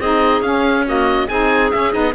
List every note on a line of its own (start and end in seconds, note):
0.00 0.42 C4
0.00 0.44 D#4
0.00 0.86 G#4
0.00 0.42 D#5
0.42 1.27 C#4
0.42 0.87 C#4
0.42 0.85 F5
0.87 1.30 A#3
0.87 1.28 F#4
0.87 1.29 D#5
1.28 1.73 C4
1.28 1.73 D#4
1.28 2.14 G#4
1.28 1.71 G#5
1.71 1.92 C#4
1.71 1.95 C#4
1.71 1.93 E5
1.92 2.15 B3
1.92 2.13 D#4
1.92 2.14 D#5